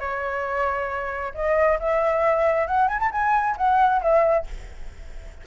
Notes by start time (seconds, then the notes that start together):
0.00 C#5
1.35 D#5
1.80 E5
2.67 F#5
2.88 G#5
3.00 A5
3.12 G#5
3.58 F#5
4.03 E5